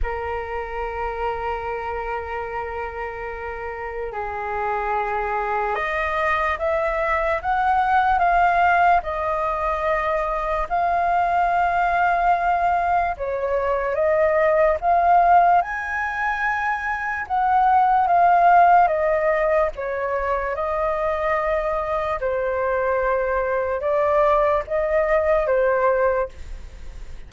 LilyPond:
\new Staff \with { instrumentName = "flute" } { \time 4/4 \tempo 4 = 73 ais'1~ | ais'4 gis'2 dis''4 | e''4 fis''4 f''4 dis''4~ | dis''4 f''2. |
cis''4 dis''4 f''4 gis''4~ | gis''4 fis''4 f''4 dis''4 | cis''4 dis''2 c''4~ | c''4 d''4 dis''4 c''4 | }